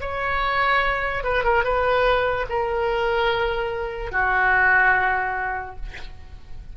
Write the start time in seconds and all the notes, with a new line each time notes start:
0.00 C#5
1.23 B4
1.43 A#4
1.63 B4
2.49 A#4
4.11 F#4